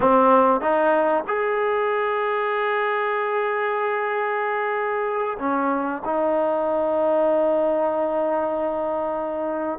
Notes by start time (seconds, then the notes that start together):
0.00 C4
0.60 D#4
1.27 G#4
5.39 C#4
6.05 D#4